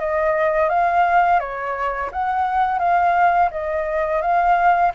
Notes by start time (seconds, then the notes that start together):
0.00 D#5
0.70 F5
1.40 C#5
2.12 F#5
2.79 F5
3.52 D#5
4.22 F5